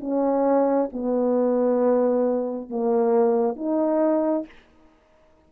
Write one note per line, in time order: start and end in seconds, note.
0.00 0.90 C#4
0.93 2.70 B3
2.70 3.56 A#3
3.56 4.45 D#4